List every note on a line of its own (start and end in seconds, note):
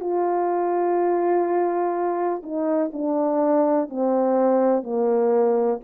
0.00 2.42 F4
2.42 2.91 D#4
2.93 3.89 D4
3.89 4.83 C4
4.83 5.79 A#3